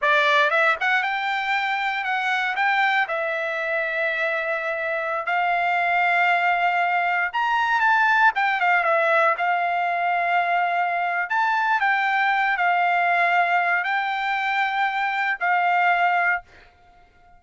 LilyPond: \new Staff \with { instrumentName = "trumpet" } { \time 4/4 \tempo 4 = 117 d''4 e''8 fis''8 g''2 | fis''4 g''4 e''2~ | e''2~ e''16 f''4.~ f''16~ | f''2~ f''16 ais''4 a''8.~ |
a''16 g''8 f''8 e''4 f''4.~ f''16~ | f''2 a''4 g''4~ | g''8 f''2~ f''8 g''4~ | g''2 f''2 | }